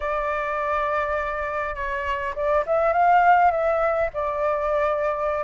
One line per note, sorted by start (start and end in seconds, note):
0.00 1.75 D5
1.75 2.34 C#5
2.35 2.64 D5
2.66 2.93 E5
2.93 3.51 F5
3.51 4.09 E5
4.13 5.44 D5